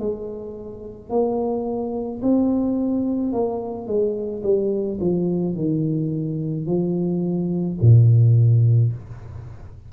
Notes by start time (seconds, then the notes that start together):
0.00 G#3
1.10 A#3
2.23 C4
3.33 A#3
3.87 G#3
4.43 G3
5.01 F3
5.56 D#3
6.67 F3
7.82 A#2